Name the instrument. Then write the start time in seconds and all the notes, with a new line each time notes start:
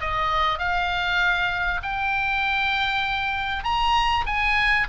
oboe
0.00 D#5
0.58 F5
1.82 G5
3.64 A#5
4.26 G#5